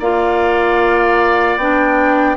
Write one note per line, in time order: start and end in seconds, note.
0.00 1.57 A#3
0.00 1.60 F4
0.00 2.37 D5
0.00 1.58 F5
1.57 2.36 B3
1.57 2.37 D4
1.57 2.37 G5